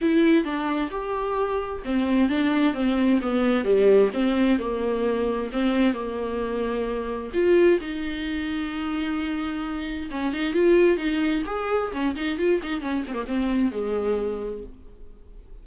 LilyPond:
\new Staff \with { instrumentName = "viola" } { \time 4/4 \tempo 4 = 131 e'4 d'4 g'2 | c'4 d'4 c'4 b4 | g4 c'4 ais2 | c'4 ais2. |
f'4 dis'2.~ | dis'2 cis'8 dis'8 f'4 | dis'4 gis'4 cis'8 dis'8 f'8 dis'8 | cis'8 c'16 ais16 c'4 gis2 | }